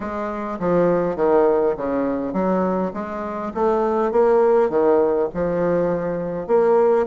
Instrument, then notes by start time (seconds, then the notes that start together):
bassoon
0.00 G#3
0.59 F3
1.16 D#3
1.76 C#3
2.33 F#3
2.93 G#3
3.54 A3
4.11 A#3
4.69 D#3
5.33 F3
6.47 A#3